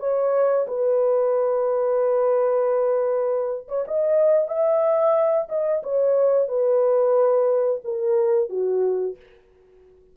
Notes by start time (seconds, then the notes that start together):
0.00 C#5
0.68 B4
3.69 C#5
3.88 D#5
4.48 E5
5.49 D#5
5.83 C#5
6.49 B4
7.85 A#4
8.50 F#4